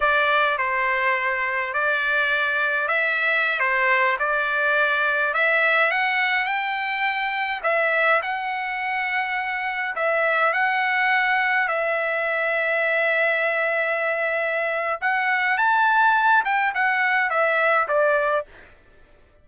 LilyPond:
\new Staff \with { instrumentName = "trumpet" } { \time 4/4 \tempo 4 = 104 d''4 c''2 d''4~ | d''4 e''4~ e''16 c''4 d''8.~ | d''4~ d''16 e''4 fis''4 g''8.~ | g''4~ g''16 e''4 fis''4.~ fis''16~ |
fis''4~ fis''16 e''4 fis''4.~ fis''16~ | fis''16 e''2.~ e''8.~ | e''2 fis''4 a''4~ | a''8 g''8 fis''4 e''4 d''4 | }